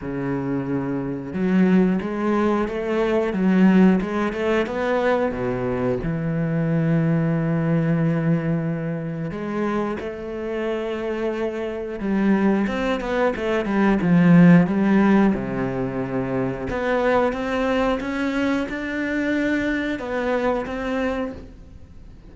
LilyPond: \new Staff \with { instrumentName = "cello" } { \time 4/4 \tempo 4 = 90 cis2 fis4 gis4 | a4 fis4 gis8 a8 b4 | b,4 e2.~ | e2 gis4 a4~ |
a2 g4 c'8 b8 | a8 g8 f4 g4 c4~ | c4 b4 c'4 cis'4 | d'2 b4 c'4 | }